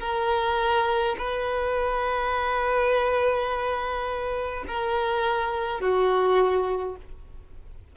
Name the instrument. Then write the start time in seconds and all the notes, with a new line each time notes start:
violin
0.00 A#4
1.18 B4
4.67 A#4
5.80 F#4